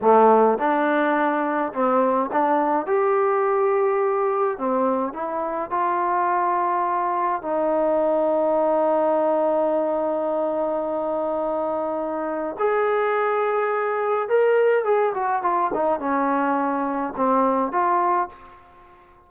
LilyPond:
\new Staff \with { instrumentName = "trombone" } { \time 4/4 \tempo 4 = 105 a4 d'2 c'4 | d'4 g'2. | c'4 e'4 f'2~ | f'4 dis'2.~ |
dis'1~ | dis'2 gis'2~ | gis'4 ais'4 gis'8 fis'8 f'8 dis'8 | cis'2 c'4 f'4 | }